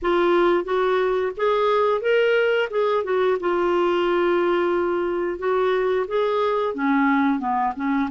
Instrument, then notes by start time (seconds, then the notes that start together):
clarinet
0.02 F4
0.64 F#4
1.36 G#4
2.01 A#4
2.70 G#4
3.03 F#4
3.40 F4
5.38 F#4
6.07 G#4
6.74 C#4
7.39 B3
7.76 C#4